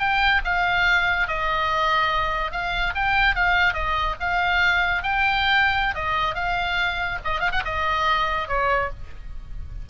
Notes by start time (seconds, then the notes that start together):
0.00 G5
0.45 F5
1.28 D#5
2.52 F5
2.95 G5
3.35 F5
3.74 D#5
4.20 F5
5.03 G5
5.95 D#5
6.35 F5
7.25 D#5
7.40 F5
7.52 F#5
7.65 D#5
8.48 C#5